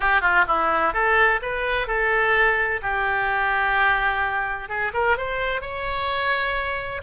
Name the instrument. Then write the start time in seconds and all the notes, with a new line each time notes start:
oboe
0.00 G4
0.21 F4
0.47 E4
0.93 A4
1.41 B4
1.87 A4
2.82 G4
4.68 G#4
4.93 A#4
5.17 C5
5.61 C#5